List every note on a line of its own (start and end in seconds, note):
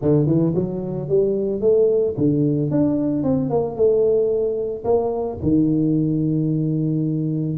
0.01 0.26 D3
0.26 0.53 E3
0.54 1.08 F#3
1.08 1.60 G3
1.60 2.14 A3
2.17 2.70 D3
2.70 3.23 D4
3.23 3.50 C4
3.50 3.75 A#3
3.75 4.84 A3
4.84 5.38 A#3
5.42 7.58 D#3